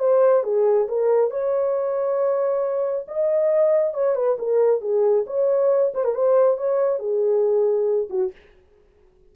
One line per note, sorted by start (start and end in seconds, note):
0.00 0.44 C5
0.44 0.88 G#4
0.89 1.31 A#4
1.31 3.06 C#5
3.08 3.94 D#5
3.94 4.16 C#5
4.16 4.38 B4
4.39 4.82 A#4
4.82 5.25 G#4
5.27 5.93 C#5
5.95 6.05 C5
6.05 6.15 A#4
6.15 6.58 C5
6.58 7.00 C#5
7.00 8.09 G#4
8.10 8.32 F#4